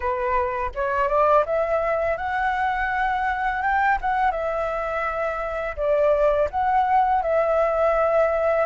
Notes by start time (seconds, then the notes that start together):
0.00 B4
0.74 C#5
1.08 D5
1.45 E5
2.17 F#5
3.61 G5
4.01 F#5
4.31 E5
5.76 D5
6.50 F#5
7.22 E5